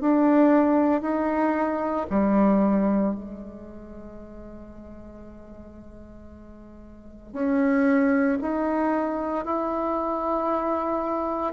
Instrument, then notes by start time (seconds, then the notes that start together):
bassoon
0.00 D4
1.01 D#4
2.10 G3
3.14 G#3
7.33 C#4
8.41 D#4
9.44 E4